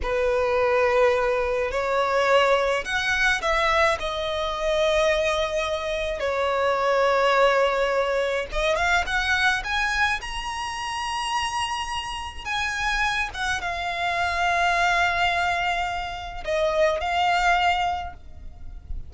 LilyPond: \new Staff \with { instrumentName = "violin" } { \time 4/4 \tempo 4 = 106 b'2. cis''4~ | cis''4 fis''4 e''4 dis''4~ | dis''2. cis''4~ | cis''2. dis''8 f''8 |
fis''4 gis''4 ais''2~ | ais''2 gis''4. fis''8 | f''1~ | f''4 dis''4 f''2 | }